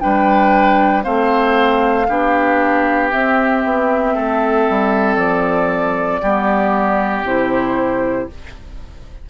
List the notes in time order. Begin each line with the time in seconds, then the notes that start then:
0.00 G3 D4 B4 G5
1.03 A3 C4 C5 F5
2.09 B3 D4 G4
3.11 C4 E5
3.64 B3
4.14 A3 A4
4.69 G3
5.15 F3 D5
6.22 G3 B3 G4
7.23 C3 E4 C5